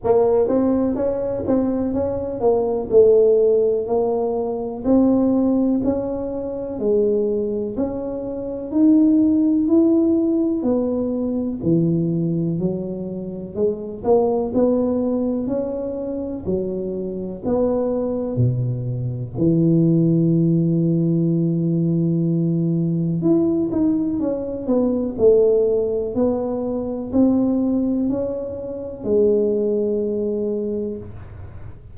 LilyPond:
\new Staff \with { instrumentName = "tuba" } { \time 4/4 \tempo 4 = 62 ais8 c'8 cis'8 c'8 cis'8 ais8 a4 | ais4 c'4 cis'4 gis4 | cis'4 dis'4 e'4 b4 | e4 fis4 gis8 ais8 b4 |
cis'4 fis4 b4 b,4 | e1 | e'8 dis'8 cis'8 b8 a4 b4 | c'4 cis'4 gis2 | }